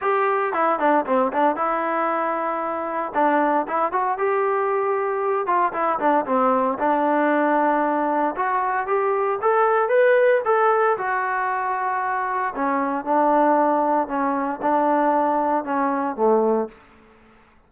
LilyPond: \new Staff \with { instrumentName = "trombone" } { \time 4/4 \tempo 4 = 115 g'4 e'8 d'8 c'8 d'8 e'4~ | e'2 d'4 e'8 fis'8 | g'2~ g'8 f'8 e'8 d'8 | c'4 d'2. |
fis'4 g'4 a'4 b'4 | a'4 fis'2. | cis'4 d'2 cis'4 | d'2 cis'4 a4 | }